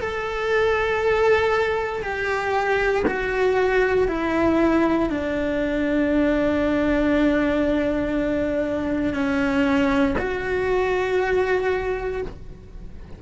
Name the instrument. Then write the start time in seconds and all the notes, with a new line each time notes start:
cello
0.00 A4
2.02 G4
3.07 F#4
4.08 E4
5.09 D4
9.13 C#4
10.18 F#4